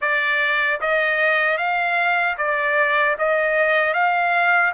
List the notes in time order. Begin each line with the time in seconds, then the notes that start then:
0.01 D5
0.80 D#5
1.57 F5
2.37 D5
3.18 D#5
3.93 F5